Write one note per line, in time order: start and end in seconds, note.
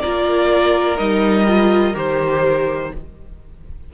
0.00 0.99 A#3
0.00 0.98 F4
0.00 2.93 A#4
0.00 0.97 D5
0.98 1.95 G3
0.98 1.46 D#4
0.98 1.95 D#5
1.47 1.94 F4
1.94 2.92 D#3
1.94 2.91 G4
1.94 2.94 C5